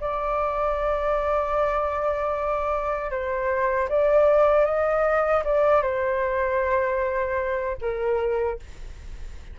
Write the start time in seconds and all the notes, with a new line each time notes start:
0.00 D5
3.10 C5
3.89 D5
4.65 D#5
5.44 D5
5.82 C5
7.81 A#4